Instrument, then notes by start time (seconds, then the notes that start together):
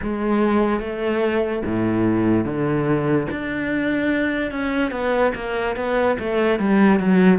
cello
0.02 G#3
0.80 A3
1.65 A2
2.45 D3
3.30 D4
4.51 C#4
4.91 B3
5.35 A#3
5.75 B3
6.19 A3
6.59 G3
6.99 F#3